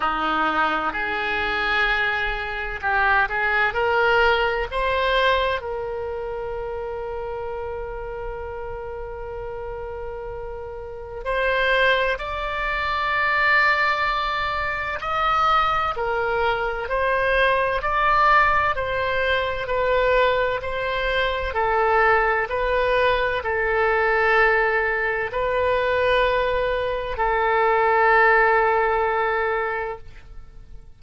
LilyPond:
\new Staff \with { instrumentName = "oboe" } { \time 4/4 \tempo 4 = 64 dis'4 gis'2 g'8 gis'8 | ais'4 c''4 ais'2~ | ais'1 | c''4 d''2. |
dis''4 ais'4 c''4 d''4 | c''4 b'4 c''4 a'4 | b'4 a'2 b'4~ | b'4 a'2. | }